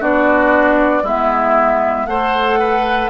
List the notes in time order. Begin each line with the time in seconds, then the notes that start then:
0.00 B3 D4 F#4 D5
1.03 G#3 B3 E4 E5
2.06 A3 A4 C5 F#5
2.60 B4